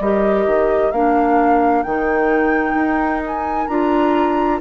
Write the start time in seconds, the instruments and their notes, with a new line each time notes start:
0.00 bassoon G3, clarinet G4, oboe A#4, flute D#5
0.46 bassoon D#3
0.92 bassoon A#3, clarinet D4, flute F5
1.83 bassoon D#3, clarinet D#4, flute G5
2.75 bassoon D#4
3.27 flute G#5
3.67 bassoon D4, clarinet F4, flute A#5